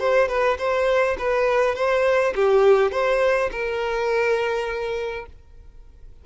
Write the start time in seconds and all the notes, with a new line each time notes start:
0.00 C5
0.29 B4
0.59 C5
1.19 B4
1.76 C5
2.35 G4
2.92 C5
3.52 A#4